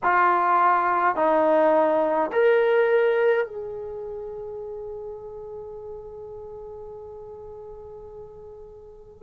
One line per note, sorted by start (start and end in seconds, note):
0.03 1.15 F4
1.15 2.31 D#4
2.32 3.46 A#4
3.46 9.23 G#4